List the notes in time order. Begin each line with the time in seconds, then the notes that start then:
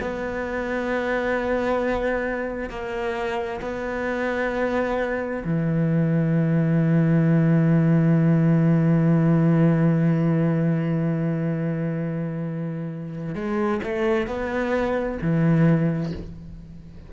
0.00 B3
2.69 A#3
3.61 B3
5.44 E3
13.34 G#3
13.83 A3
14.27 B3
15.21 E3